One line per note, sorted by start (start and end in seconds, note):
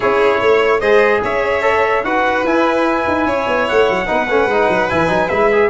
0.00 0.41 C#4
0.00 0.81 E4
0.00 0.40 G#4
0.00 0.79 C#5
0.40 0.81 A3
0.40 0.80 C#5
0.79 1.22 G#3
0.79 1.61 G#4
0.79 1.20 C5
0.79 1.20 D#5
1.23 2.04 C#4
1.23 2.04 C#5
1.23 2.03 E5
1.61 2.02 A4
2.03 2.43 D#4
2.03 2.45 F#4
2.03 3.26 B4
2.03 2.44 F#5
2.43 3.05 E4
2.43 4.06 E4
2.43 3.68 G#5
3.07 3.26 D#4
3.26 3.46 C#4
3.26 4.06 C#5
3.47 3.68 B3
3.68 3.89 A3
3.68 4.89 F#5
3.89 4.09 F#3
4.06 4.28 B3
4.06 4.27 D#4
4.06 5.69 B4
4.28 4.46 A3
4.28 4.50 C#4
4.46 4.66 G#3
4.46 4.90 D#4
4.69 4.89 F#3
4.89 5.08 E3
4.89 5.08 E4
4.89 5.29 G#5
5.08 5.29 F#3
5.08 5.28 D#4
5.29 5.69 G#3
5.29 5.51 E4
5.29 5.69 E5
5.52 5.69 G#4